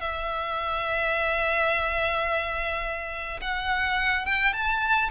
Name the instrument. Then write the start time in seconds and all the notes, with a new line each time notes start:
violin
0.00 E5
3.41 F#5
4.26 G5
4.53 A5